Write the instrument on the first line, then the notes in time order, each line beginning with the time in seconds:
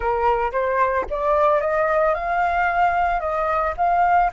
flute
0.00 A#4
0.52 C5
1.10 D5
1.60 D#5
2.14 F5
3.20 D#5
3.77 F5